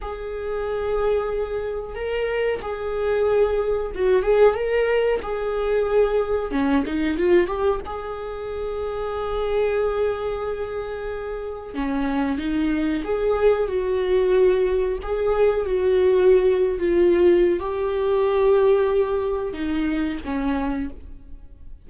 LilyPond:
\new Staff \with { instrumentName = "viola" } { \time 4/4 \tempo 4 = 92 gis'2. ais'4 | gis'2 fis'8 gis'8 ais'4 | gis'2 cis'8 dis'8 f'8 g'8 | gis'1~ |
gis'2 cis'4 dis'4 | gis'4 fis'2 gis'4 | fis'4.~ fis'16 f'4~ f'16 g'4~ | g'2 dis'4 cis'4 | }